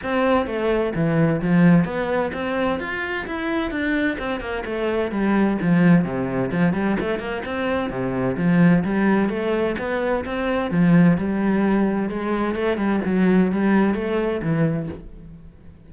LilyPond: \new Staff \with { instrumentName = "cello" } { \time 4/4 \tempo 4 = 129 c'4 a4 e4 f4 | b4 c'4 f'4 e'4 | d'4 c'8 ais8 a4 g4 | f4 c4 f8 g8 a8 ais8 |
c'4 c4 f4 g4 | a4 b4 c'4 f4 | g2 gis4 a8 g8 | fis4 g4 a4 e4 | }